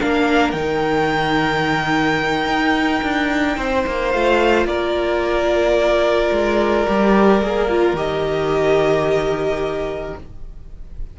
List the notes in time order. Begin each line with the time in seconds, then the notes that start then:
0.00 A#3 D4 A#4 F5
0.52 D#3 D#4 G5
2.47 D#4
3.03 D4
3.57 C4 C5
3.87 A#3
4.11 A3 F4 F5
4.65 A#3 A#4 D5
6.32 G#3
6.87 G3 G4
7.42 A#3 G#4
7.70 F4
7.93 D#3 G4 D#5